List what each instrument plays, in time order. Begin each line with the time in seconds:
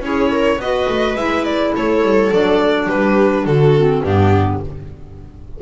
0.00 double bass C#4, clarinet E4, viola G#4, violin C#5
0.31 viola A#4
0.58 double bass B3, clarinet F#4, viola B4, violin D#5
0.89 double bass A3
1.16 double bass G#3, clarinet E4, violin E5
1.45 violin D5
1.75 double bass A3, viola A4, violin C#5
2.02 double bass G3
2.32 double bass F#3, clarinet D4, violin D5
2.86 double bass G3, viola G4, violin B4
3.45 double bass D3, viola F#4, violin A4
3.76 clarinet C4
4.04 double bass G2, clarinet B3, viola D4, violin G4